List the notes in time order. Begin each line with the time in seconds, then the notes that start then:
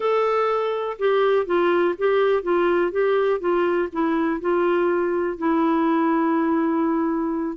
0.00 A4
0.98 G4
1.45 F4
1.98 G4
2.42 F4
2.91 G4
3.39 F4
3.92 E4
4.40 F4
5.38 E4